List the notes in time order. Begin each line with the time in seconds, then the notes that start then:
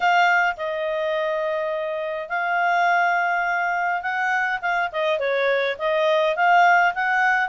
0.00 F5
0.56 D#5
2.28 F5
4.02 F#5
4.61 F5
4.92 D#5
5.19 C#5
5.78 D#5
6.36 F5
6.94 F#5